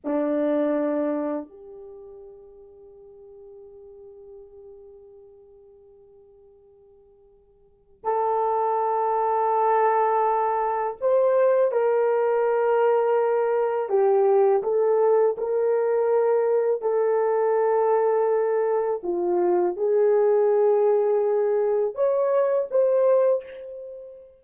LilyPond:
\new Staff \with { instrumentName = "horn" } { \time 4/4 \tempo 4 = 82 d'2 g'2~ | g'1~ | g'2. a'4~ | a'2. c''4 |
ais'2. g'4 | a'4 ais'2 a'4~ | a'2 f'4 gis'4~ | gis'2 cis''4 c''4 | }